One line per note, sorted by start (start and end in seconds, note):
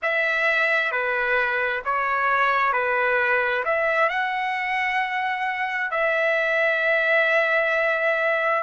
0.02 0.91 E5
0.91 1.82 B4
1.84 2.73 C#5
2.73 3.64 B4
3.64 4.09 E5
4.09 5.90 F#5
5.90 8.63 E5